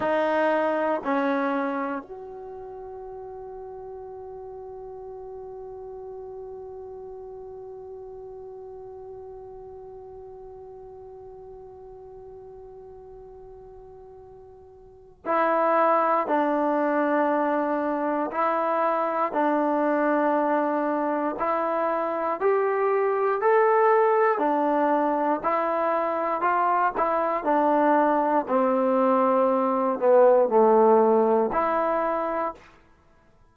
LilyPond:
\new Staff \with { instrumentName = "trombone" } { \time 4/4 \tempo 4 = 59 dis'4 cis'4 fis'2~ | fis'1~ | fis'1~ | fis'2. e'4 |
d'2 e'4 d'4~ | d'4 e'4 g'4 a'4 | d'4 e'4 f'8 e'8 d'4 | c'4. b8 a4 e'4 | }